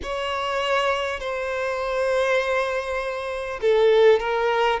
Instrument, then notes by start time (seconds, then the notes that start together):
violin
0.02 C#5
1.20 C5
3.61 A4
4.19 A#4